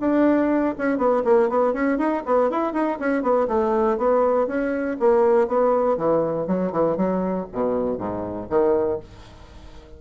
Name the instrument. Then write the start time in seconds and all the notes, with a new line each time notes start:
bassoon
0.00 D4
0.78 C#4
0.98 B3
1.25 A#3
1.49 B3
1.73 C#4
1.98 D#4
2.26 B3
2.50 E4
2.73 D#4
3.00 C#4
3.22 B3
3.48 A3
3.98 B3
4.47 C#4
5.00 A#3
5.48 B3
5.97 E3
6.47 F#3
6.72 E3
6.97 F#3
7.52 B2
7.98 G#2
8.50 D#3